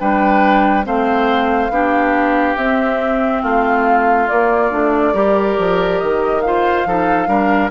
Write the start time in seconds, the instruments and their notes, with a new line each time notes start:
0.00 bassoon G3, clarinet D4, oboe B4, flute G5
0.84 bassoon A3, clarinet C4, oboe C5, flute F5
1.70 bassoon B3, clarinet D4, oboe G4
2.57 bassoon C4, clarinet C4, flute E5
3.42 bassoon A3, oboe F4, flute F5
4.28 clarinet A#3, bassoon A#3, flute D5
4.71 bassoon A3, clarinet D4
5.14 bassoon G3, clarinet G4, oboe A#4
5.58 bassoon F3
5.99 bassoon D#3, flute D#5
6.41 clarinet F4, oboe C5, flute F5
6.85 bassoon F3, clarinet D#4, oboe A4
7.27 bassoon G3, clarinet D4, oboe A#4